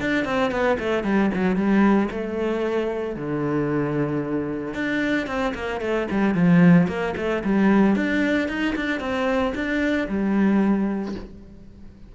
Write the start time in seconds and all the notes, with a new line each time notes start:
0.00 D4
0.24 C4
0.51 B3
0.79 A3
1.03 G3
1.33 F#3
1.56 G3
2.10 A3
3.16 D3
4.74 D4
5.26 C4
5.54 A#3
5.81 A3
6.10 G3
6.34 F3
6.87 A#3
7.16 A3
7.44 G3
7.95 D4
8.48 D#4
8.75 D4
9.00 C4
9.54 D4
10.08 G3